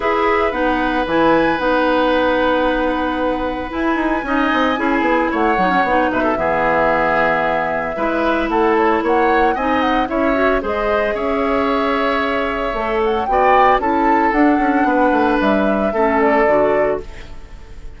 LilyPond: <<
  \new Staff \with { instrumentName = "flute" } { \time 4/4 \tempo 4 = 113 e''4 fis''4 gis''4 fis''4~ | fis''2. gis''4~ | gis''2 fis''4. e''8~ | e''1 |
fis''8 cis''8 fis''4 gis''8 fis''8 e''4 | dis''4 e''2.~ | e''8 fis''8 g''4 a''4 fis''4~ | fis''4 e''4. d''4. | }
  \new Staff \with { instrumentName = "oboe" } { \time 4/4 b'1~ | b'1 | dis''4 gis'4 cis''4. b'16 a'16 | gis'2. b'4 |
a'4 cis''4 dis''4 cis''4 | c''4 cis''2.~ | cis''4 d''4 a'2 | b'2 a'2 | }
  \new Staff \with { instrumentName = "clarinet" } { \time 4/4 gis'4 dis'4 e'4 dis'4~ | dis'2. e'4 | dis'4 e'4. dis'16 cis'16 dis'4 | b2. e'4~ |
e'2 dis'4 e'8 fis'8 | gis'1 | a'4 fis'4 e'4 d'4~ | d'2 cis'4 fis'4 | }
  \new Staff \with { instrumentName = "bassoon" } { \time 4/4 e'4 b4 e4 b4~ | b2. e'8 dis'8 | cis'8 c'8 cis'8 b8 a8 fis8 b8 b,8 | e2. gis4 |
a4 ais4 c'4 cis'4 | gis4 cis'2. | a4 b4 cis'4 d'8 cis'8 | b8 a8 g4 a4 d4 | }
>>